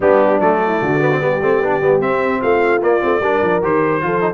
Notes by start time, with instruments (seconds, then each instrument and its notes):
0.00 tuba G3, trombone B3, horn D4, trumpet G4
0.39 tuba F#3, trombone A3, trumpet D5
0.65 horn E4
0.81 tuba D3, horn F#4
1.00 trombone B3
1.11 trombone C4
1.20 tuba G3, trombone B3, horn G4
1.41 tuba A3, trombone C4
1.60 tuba B3, trombone D4
1.81 tuba G3, trombone B3
1.99 tuba C4, trombone C4, trumpet E5
2.42 tuba A3, horn F4, trumpet F5
2.82 trombone A#3, tuba A#3, trumpet D5
3.00 tuba A3, trombone C4
3.20 tuba G3, trombone D4, horn A#4
3.41 tuba F3
3.62 tuba D#3, trombone G4, trumpet C5
4.01 tuba F3, trombone F4, horn A4
4.21 trombone D#4